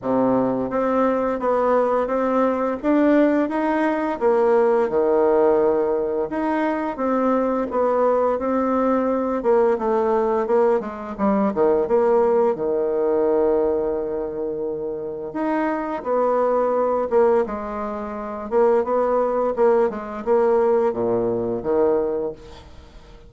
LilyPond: \new Staff \with { instrumentName = "bassoon" } { \time 4/4 \tempo 4 = 86 c4 c'4 b4 c'4 | d'4 dis'4 ais4 dis4~ | dis4 dis'4 c'4 b4 | c'4. ais8 a4 ais8 gis8 |
g8 dis8 ais4 dis2~ | dis2 dis'4 b4~ | b8 ais8 gis4. ais8 b4 | ais8 gis8 ais4 ais,4 dis4 | }